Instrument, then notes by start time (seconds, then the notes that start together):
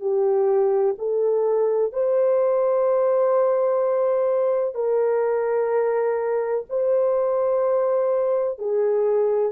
horn
0.00 G4
0.98 A4
1.92 C5
4.74 A#4
6.69 C5
8.58 G#4